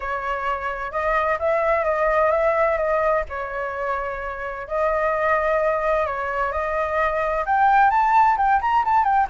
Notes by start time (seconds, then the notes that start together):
0.00 C#5
0.91 D#5
1.39 E5
1.84 D#5
2.31 E5
2.77 D#5
3.29 C#5
4.67 D#5
6.06 C#5
6.52 D#5
7.45 G5
7.90 A5
8.37 G5
8.61 A#5
8.84 A5
9.03 G5